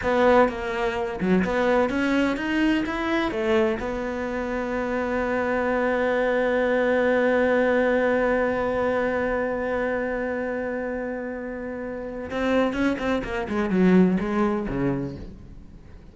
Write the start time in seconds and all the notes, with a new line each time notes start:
0.02 B3
0.49 A#3
1.20 F#3
1.44 B3
1.89 C#4
2.36 D#4
2.86 E4
3.31 A3
3.79 B3
12.30 C4
12.73 C#4
12.98 C4
13.23 A#3
13.48 G#3
13.70 F#3
14.19 G#3
14.68 C#3